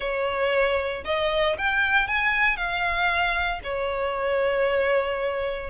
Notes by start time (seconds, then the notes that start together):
0.00 C#5
1.04 D#5
1.58 G5
2.07 G#5
2.56 F5
3.63 C#5